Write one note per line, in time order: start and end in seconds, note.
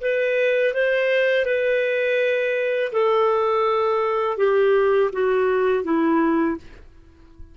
0.00 0.73 B4
0.74 1.45 C5
1.45 2.92 B4
2.92 4.37 A4
4.37 5.10 G4
5.12 5.84 F#4
5.84 6.57 E4